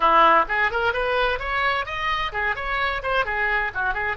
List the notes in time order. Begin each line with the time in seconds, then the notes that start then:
0.00 E4
0.48 G#4
0.71 A#4
0.93 B4
1.39 C#5
1.85 D#5
2.32 G#4
2.55 C#5
3.02 C5
3.25 G#4
3.74 F#4
3.93 G#4